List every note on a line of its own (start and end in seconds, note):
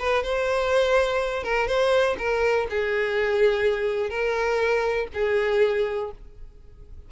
0.00 0.24 B4
0.24 1.44 C5
1.44 1.68 A#4
1.68 2.17 C5
2.19 2.67 A#4
2.70 4.10 G#4
4.10 5.08 A#4
5.14 6.12 G#4